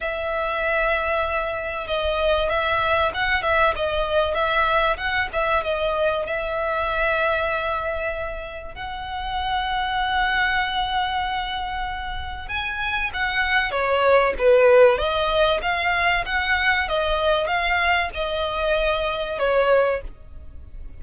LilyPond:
\new Staff \with { instrumentName = "violin" } { \time 4/4 \tempo 4 = 96 e''2. dis''4 | e''4 fis''8 e''8 dis''4 e''4 | fis''8 e''8 dis''4 e''2~ | e''2 fis''2~ |
fis''1 | gis''4 fis''4 cis''4 b'4 | dis''4 f''4 fis''4 dis''4 | f''4 dis''2 cis''4 | }